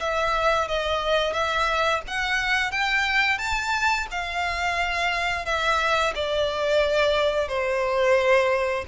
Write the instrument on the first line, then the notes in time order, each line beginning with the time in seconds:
violin
0.00 E5
0.68 D#5
1.33 E5
2.08 F#5
2.71 G5
3.39 A5
4.11 F5
5.45 E5
6.15 D5
7.48 C5